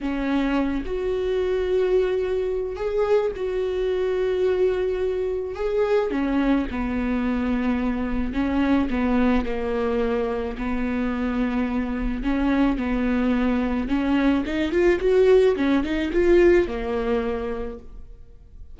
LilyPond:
\new Staff \with { instrumentName = "viola" } { \time 4/4 \tempo 4 = 108 cis'4. fis'2~ fis'8~ | fis'4 gis'4 fis'2~ | fis'2 gis'4 cis'4 | b2. cis'4 |
b4 ais2 b4~ | b2 cis'4 b4~ | b4 cis'4 dis'8 f'8 fis'4 | cis'8 dis'8 f'4 ais2 | }